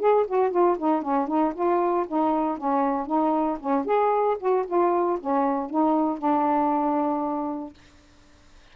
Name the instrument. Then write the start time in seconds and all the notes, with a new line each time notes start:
saxophone
0.00 G#4
0.27 F#4
0.51 F4
0.78 D#4
1.03 C#4
1.28 D#4
1.55 F4
2.08 D#4
2.58 C#4
3.07 D#4
3.60 C#4
3.86 G#4
4.40 F#4
4.67 F4
5.20 C#4
5.70 D#4
6.19 D4